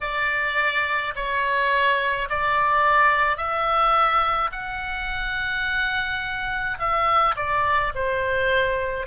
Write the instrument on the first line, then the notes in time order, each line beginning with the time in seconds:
oboe
0.01 D5
1.15 C#5
2.29 D5
3.37 E5
4.52 F#5
6.78 E5
7.36 D5
7.95 C5